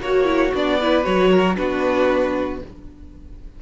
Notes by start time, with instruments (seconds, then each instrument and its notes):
0.00 cello A#3, viola F#4, violin F#4 C#5
0.24 viola E4
0.53 cello B3, viola D4, violin D5
0.79 viola E4, violin B4
1.03 cello F#3, viola F#4, violin C#5
1.30 violin A#4
1.56 cello B3, viola D4, violin F#4 B4